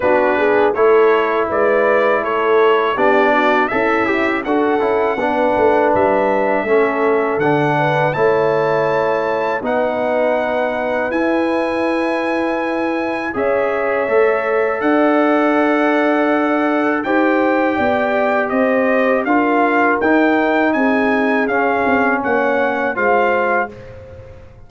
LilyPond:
<<
  \new Staff \with { instrumentName = "trumpet" } { \time 4/4 \tempo 4 = 81 b'4 cis''4 d''4 cis''4 | d''4 e''4 fis''2 | e''2 fis''4 a''4~ | a''4 fis''2 gis''4~ |
gis''2 e''2 | fis''2. g''4~ | g''4 dis''4 f''4 g''4 | gis''4 f''4 fis''4 f''4 | }
  \new Staff \with { instrumentName = "horn" } { \time 4/4 fis'8 gis'8 a'4 b'4 a'4 | g'8 fis'8 e'4 a'4 b'4~ | b'4 a'4. b'8 cis''4~ | cis''4 b'2.~ |
b'2 cis''2 | d''2. c''4 | d''4 c''4 ais'2 | gis'2 cis''4 c''4 | }
  \new Staff \with { instrumentName = "trombone" } { \time 4/4 d'4 e'2. | d'4 a'8 g'8 fis'8 e'8 d'4~ | d'4 cis'4 d'4 e'4~ | e'4 dis'2 e'4~ |
e'2 gis'4 a'4~ | a'2. g'4~ | g'2 f'4 dis'4~ | dis'4 cis'2 f'4 | }
  \new Staff \with { instrumentName = "tuba" } { \time 4/4 b4 a4 gis4 a4 | b4 cis'4 d'8 cis'8 b8 a8 | g4 a4 d4 a4~ | a4 b2 e'4~ |
e'2 cis'4 a4 | d'2. dis'4 | b4 c'4 d'4 dis'4 | c'4 cis'8 c'8 ais4 gis4 | }
>>